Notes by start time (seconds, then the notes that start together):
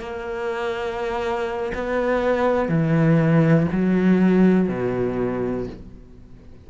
0.00 A#3
1.74 B3
2.69 E3
3.72 F#3
4.69 B2